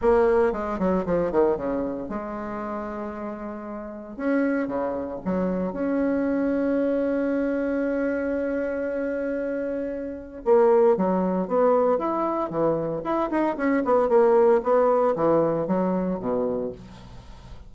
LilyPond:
\new Staff \with { instrumentName = "bassoon" } { \time 4/4 \tempo 4 = 115 ais4 gis8 fis8 f8 dis8 cis4 | gis1 | cis'4 cis4 fis4 cis'4~ | cis'1~ |
cis'1 | ais4 fis4 b4 e'4 | e4 e'8 dis'8 cis'8 b8 ais4 | b4 e4 fis4 b,4 | }